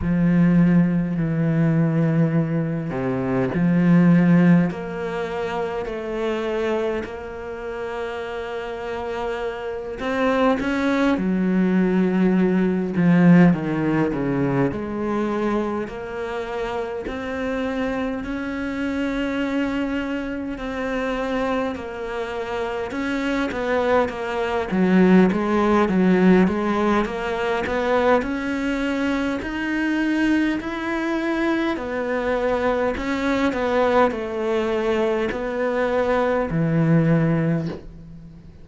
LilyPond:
\new Staff \with { instrumentName = "cello" } { \time 4/4 \tempo 4 = 51 f4 e4. c8 f4 | ais4 a4 ais2~ | ais8 c'8 cis'8 fis4. f8 dis8 | cis8 gis4 ais4 c'4 cis'8~ |
cis'4. c'4 ais4 cis'8 | b8 ais8 fis8 gis8 fis8 gis8 ais8 b8 | cis'4 dis'4 e'4 b4 | cis'8 b8 a4 b4 e4 | }